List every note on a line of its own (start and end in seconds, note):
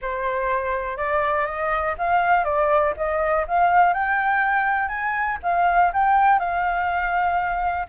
0.01 0.97 C5
0.97 1.46 D5
1.46 1.95 D#5
1.98 2.44 F5
2.44 2.93 D5
2.96 3.46 D#5
3.47 3.93 F5
3.93 4.88 G5
4.88 5.37 G#5
5.43 5.92 F5
5.93 6.39 G5
6.39 7.86 F5